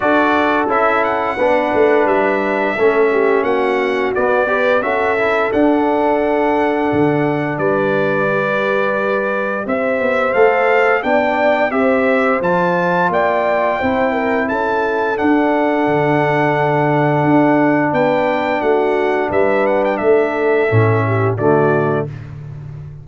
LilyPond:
<<
  \new Staff \with { instrumentName = "trumpet" } { \time 4/4 \tempo 4 = 87 d''4 e''8 fis''4. e''4~ | e''4 fis''4 d''4 e''4 | fis''2. d''4~ | d''2 e''4 f''4 |
g''4 e''4 a''4 g''4~ | g''4 a''4 fis''2~ | fis''2 g''4 fis''4 | e''8 fis''16 g''16 e''2 d''4 | }
  \new Staff \with { instrumentName = "horn" } { \time 4/4 a'2 b'2 | a'8 g'8 fis'4. b'8 a'4~ | a'2. b'4~ | b'2 c''2 |
d''4 c''2 d''4 | c''8 ais'8 a'2.~ | a'2 b'4 fis'4 | b'4 a'4. g'8 fis'4 | }
  \new Staff \with { instrumentName = "trombone" } { \time 4/4 fis'4 e'4 d'2 | cis'2 b8 g'8 fis'8 e'8 | d'1 | g'2. a'4 |
d'4 g'4 f'2 | e'2 d'2~ | d'1~ | d'2 cis'4 a4 | }
  \new Staff \with { instrumentName = "tuba" } { \time 4/4 d'4 cis'4 b8 a8 g4 | a4 ais4 b4 cis'4 | d'2 d4 g4~ | g2 c'8 b8 a4 |
b4 c'4 f4 ais4 | c'4 cis'4 d'4 d4~ | d4 d'4 b4 a4 | g4 a4 a,4 d4 | }
>>